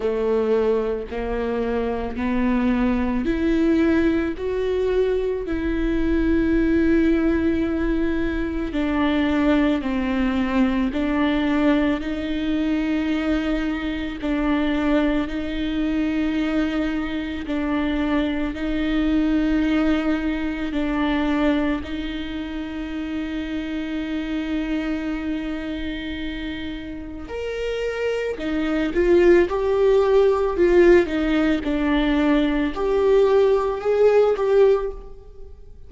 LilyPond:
\new Staff \with { instrumentName = "viola" } { \time 4/4 \tempo 4 = 55 a4 ais4 b4 e'4 | fis'4 e'2. | d'4 c'4 d'4 dis'4~ | dis'4 d'4 dis'2 |
d'4 dis'2 d'4 | dis'1~ | dis'4 ais'4 dis'8 f'8 g'4 | f'8 dis'8 d'4 g'4 gis'8 g'8 | }